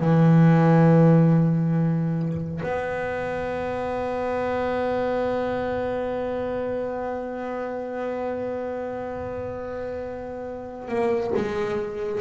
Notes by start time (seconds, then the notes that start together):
0.00 E3
2.63 B3
10.88 A#3
11.36 G#3